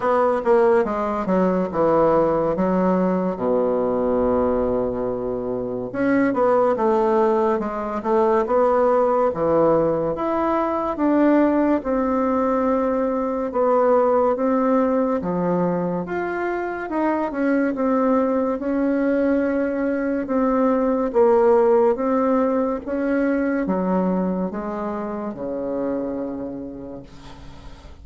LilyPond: \new Staff \with { instrumentName = "bassoon" } { \time 4/4 \tempo 4 = 71 b8 ais8 gis8 fis8 e4 fis4 | b,2. cis'8 b8 | a4 gis8 a8 b4 e4 | e'4 d'4 c'2 |
b4 c'4 f4 f'4 | dis'8 cis'8 c'4 cis'2 | c'4 ais4 c'4 cis'4 | fis4 gis4 cis2 | }